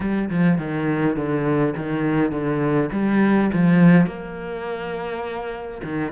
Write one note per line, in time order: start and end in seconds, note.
0.00 0.29 G3
0.30 0.58 F3
0.58 1.16 D#3
1.16 1.74 D3
1.76 2.31 D#3
2.31 2.89 D3
2.92 3.50 G3
3.53 4.06 F3
4.06 5.81 A#3
5.83 6.12 D#3